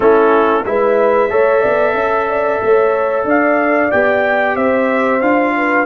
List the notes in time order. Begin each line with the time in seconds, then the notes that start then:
0.00 A3 C#4 E4 A4
0.65 G#3 E4 B4 E5
1.29 A3 A4 C#5
1.61 B3 D5
1.94 C#4 E5
2.28 D5
2.62 A3 C#5
3.24 D4 D5 F5
3.91 B3 G4 G5
4.55 C4 C5 E5
5.21 D4 F4 F5
5.56 B4